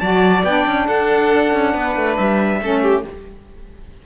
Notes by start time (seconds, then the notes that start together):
0.00 F#3 F#4 D5 A5
0.44 B3 D4 G5
0.66 C#4
0.87 D4 A4 F#5
1.53 C#4
1.73 B3 B4
1.96 A3
2.16 G3 E5
2.61 A3 C#4 A4
2.83 G4